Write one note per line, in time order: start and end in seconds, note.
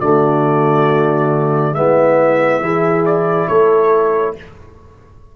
0.00 1.72 D3
0.00 1.75 A3
0.00 1.74 F#4
0.00 1.74 D5
1.72 2.59 G#3
1.72 2.62 B3
1.72 2.62 E4
1.72 3.04 E5
2.60 3.47 E3
2.60 4.36 E4
2.60 3.48 G#4
3.05 3.47 D5
3.47 4.36 A3
3.47 4.35 A4
3.47 4.34 C#5